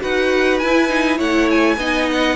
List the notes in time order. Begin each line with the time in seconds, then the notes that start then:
0.00 D#4 F#4 B4 F#5
0.58 E4 G#5
0.88 D#4
1.17 A3 E4 C#5 F#5
1.50 G#5
1.77 B3 D#4 D#5
2.11 F#5